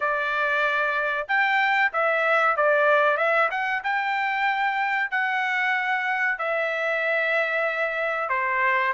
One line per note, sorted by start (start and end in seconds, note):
0.00 1.27 D5
1.28 1.91 G5
1.92 2.56 E5
2.56 3.17 D5
3.17 3.49 E5
3.50 3.82 F#5
3.83 5.10 G5
5.10 6.38 F#5
6.38 8.29 E5
8.29 8.93 C5